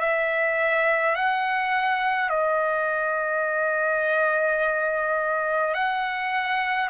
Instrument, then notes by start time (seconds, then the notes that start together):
trumpet
0.00 E5
1.16 F#5
2.30 D#5
5.74 F#5